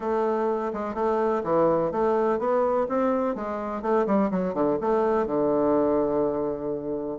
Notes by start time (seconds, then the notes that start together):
0.00 A3
0.73 G#3
0.94 A3
1.43 E3
1.91 A3
2.38 B3
2.88 C4
3.35 G#3
3.81 A3
4.06 G3
4.31 F#3
4.54 D3
4.80 A3
5.26 D3